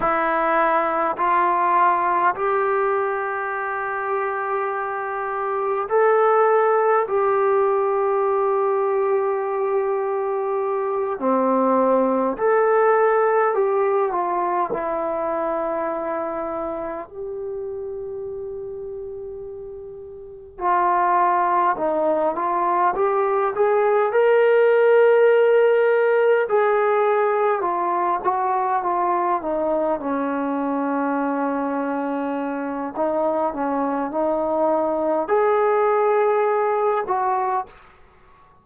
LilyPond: \new Staff \with { instrumentName = "trombone" } { \time 4/4 \tempo 4 = 51 e'4 f'4 g'2~ | g'4 a'4 g'2~ | g'4. c'4 a'4 g'8 | f'8 e'2 g'4.~ |
g'4. f'4 dis'8 f'8 g'8 | gis'8 ais'2 gis'4 f'8 | fis'8 f'8 dis'8 cis'2~ cis'8 | dis'8 cis'8 dis'4 gis'4. fis'8 | }